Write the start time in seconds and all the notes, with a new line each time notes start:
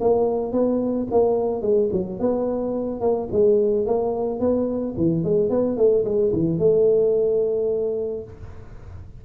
0.00 A#3
0.52 B3
1.11 A#3
1.62 G#3
1.92 F#3
2.19 B3
3.01 A#3
3.32 G#3
3.86 A#3
4.39 B3
4.97 E3
5.23 G#3
5.50 B3
5.77 A3
6.04 G#3
6.32 E3
6.58 A3